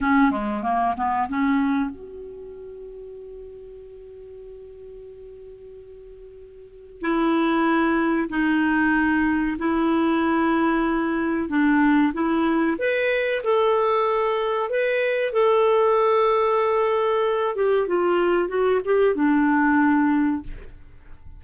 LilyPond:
\new Staff \with { instrumentName = "clarinet" } { \time 4/4 \tempo 4 = 94 cis'8 gis8 ais8 b8 cis'4 fis'4~ | fis'1~ | fis'2. e'4~ | e'4 dis'2 e'4~ |
e'2 d'4 e'4 | b'4 a'2 b'4 | a'2.~ a'8 g'8 | f'4 fis'8 g'8 d'2 | }